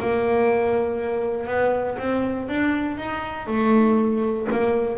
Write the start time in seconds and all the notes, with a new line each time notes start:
0.00 A#3
1.47 B3
1.98 C4
2.49 D4
2.97 D#4
3.47 A3
4.51 A#3